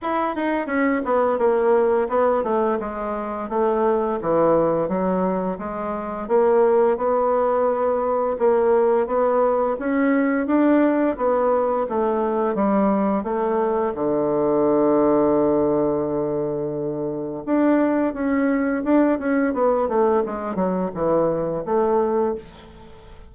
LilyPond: \new Staff \with { instrumentName = "bassoon" } { \time 4/4 \tempo 4 = 86 e'8 dis'8 cis'8 b8 ais4 b8 a8 | gis4 a4 e4 fis4 | gis4 ais4 b2 | ais4 b4 cis'4 d'4 |
b4 a4 g4 a4 | d1~ | d4 d'4 cis'4 d'8 cis'8 | b8 a8 gis8 fis8 e4 a4 | }